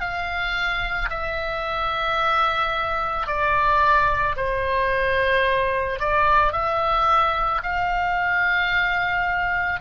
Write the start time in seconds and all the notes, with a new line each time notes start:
0.00 F5
1.09 E5
3.26 D5
4.36 C5
5.99 D5
6.52 E5
7.62 F5